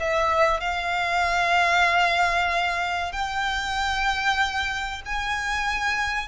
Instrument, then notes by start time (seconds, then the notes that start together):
violin
0.00 E5
0.61 F5
3.13 G5
5.06 G#5